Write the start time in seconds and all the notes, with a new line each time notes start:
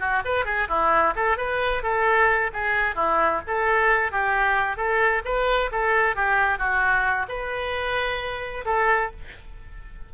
0.00 F#4
0.25 B4
0.45 G#4
0.69 E4
1.16 A4
1.38 B4
1.83 A4
2.54 G#4
2.96 E4
3.48 A4
4.12 G4
4.77 A4
5.25 B4
5.72 A4
6.16 G4
6.59 F#4
7.29 B4
8.66 A4